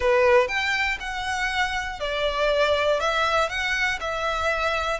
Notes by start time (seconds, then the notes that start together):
0.00 B4
0.48 G5
1.00 F#5
2.00 D5
3.00 E5
3.49 F#5
4.00 E5